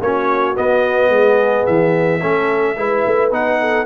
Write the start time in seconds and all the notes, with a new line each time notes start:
0.00 A#3 C#4 F#4 C#5
0.55 B3 D#5
1.08 G#3 G#4
1.66 E3 E5
2.20 A3 C#4 A4
2.77 G#3 E4 B4
3.06 A3
3.31 B3 D#4 F#5
3.60 A4